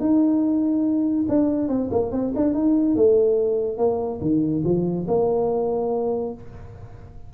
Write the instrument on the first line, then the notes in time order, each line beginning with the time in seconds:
tuba
0.00 D#4
1.28 D4
1.68 C4
1.91 A#3
2.12 C4
2.35 D4
2.54 D#4
2.95 A3
3.77 A#3
4.21 D#3
4.64 F3
5.07 A#3